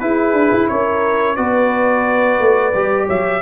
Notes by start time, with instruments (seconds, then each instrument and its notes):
0.00 trombone E4, tuba E4, horn G#4, trumpet B4
0.34 tuba D4
0.53 tuba E4
0.68 tuba C#4, horn A#4, trumpet C#5
1.36 tuba B3, trombone F#4, horn B4, trumpet D5
2.40 tuba A3
2.75 tuba G3, trombone G4
3.07 tuba F#3, horn C#5, trumpet E5